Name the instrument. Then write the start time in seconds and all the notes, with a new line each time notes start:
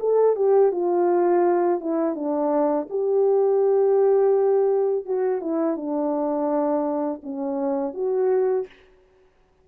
horn
0.00 A4
0.36 G4
0.72 F4
1.80 E4
2.15 D4
2.90 G4
5.05 F#4
5.41 E4
5.77 D4
7.23 C#4
7.94 F#4